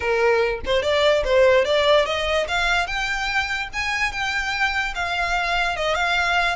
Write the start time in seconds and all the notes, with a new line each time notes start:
0.00 A#4
0.65 C5
0.82 D5
1.24 C5
1.64 D5
2.05 D#5
2.48 F5
2.86 G5
3.73 G#5
4.12 G5
4.94 F5
5.76 D#5
5.95 F5